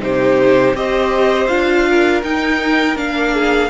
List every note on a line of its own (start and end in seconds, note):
0.00 0.74 C3
0.00 0.75 D#4
0.00 0.77 G4
0.00 0.76 C5
0.74 1.48 C4
0.74 1.49 G4
0.74 1.89 C5
0.74 1.48 D#5
1.48 2.23 D4
1.48 2.23 F4
1.48 2.22 F5
1.90 3.34 A#4
2.24 2.96 D#4
2.24 2.98 G5
2.96 3.70 A#3
2.96 3.70 D4
2.96 3.71 F5
3.34 3.71 G#4